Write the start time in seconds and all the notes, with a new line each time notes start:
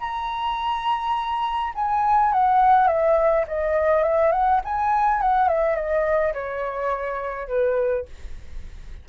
0.00 A#5
1.75 G#5
2.33 F#5
2.87 E5
3.47 D#5
4.03 E5
4.32 F#5
4.65 G#5
5.22 F#5
5.48 E5
5.75 D#5
6.34 C#5
7.48 B4